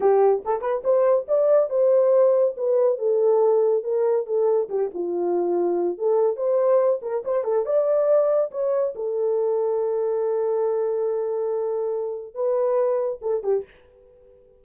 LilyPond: \new Staff \with { instrumentName = "horn" } { \time 4/4 \tempo 4 = 141 g'4 a'8 b'8 c''4 d''4 | c''2 b'4 a'4~ | a'4 ais'4 a'4 g'8 f'8~ | f'2 a'4 c''4~ |
c''8 ais'8 c''8 a'8 d''2 | cis''4 a'2.~ | a'1~ | a'4 b'2 a'8 g'8 | }